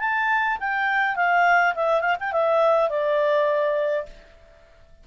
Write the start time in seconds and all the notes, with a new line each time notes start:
0.00 A5
0.60 G5
1.16 F5
1.76 E5
2.02 F5
2.20 G5
2.32 E5
2.90 D5